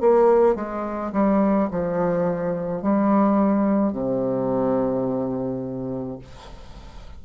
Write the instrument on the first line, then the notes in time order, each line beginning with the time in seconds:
bassoon
0.00 A#3
0.55 G#3
1.12 G3
1.70 F3
2.81 G3
3.92 C3